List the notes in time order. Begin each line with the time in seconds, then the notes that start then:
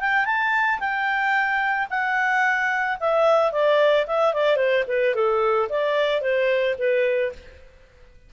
0.00 G5
0.25 A5
0.79 G5
1.90 F#5
3.00 E5
3.52 D5
4.07 E5
4.34 D5
4.57 C5
4.87 B4
5.14 A4
5.69 D5
6.21 C5
6.78 B4